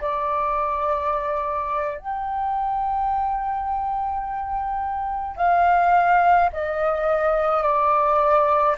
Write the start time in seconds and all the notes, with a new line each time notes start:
0.00 D5
1.98 G5
5.36 F5
6.53 D#5
7.63 D5